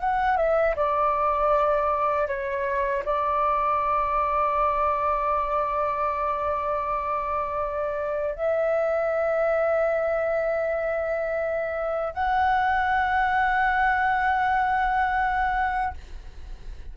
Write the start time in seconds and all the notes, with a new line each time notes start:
0.00 F#5
0.37 E5
0.76 D5
2.28 C#5
3.05 D5
8.35 E5
12.14 F#5